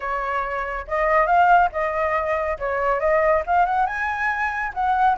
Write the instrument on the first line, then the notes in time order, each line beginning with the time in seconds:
flute
0.00 C#5
0.87 D#5
1.26 F5
1.71 D#5
2.59 C#5
2.99 D#5
3.46 F5
3.65 F#5
3.86 G#5
4.74 F#5